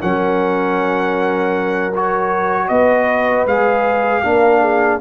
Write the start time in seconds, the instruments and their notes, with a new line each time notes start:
0.00 tuba F#3, trombone C#4, horn A#4, trumpet F#5
1.95 trombone F#4, trumpet C#5
2.69 tuba B3, horn B4, trumpet D#5
3.46 tuba G#3, trombone G#4, trumpet F5
4.23 tuba A#3, trombone D4, horn A#4
4.61 horn G#4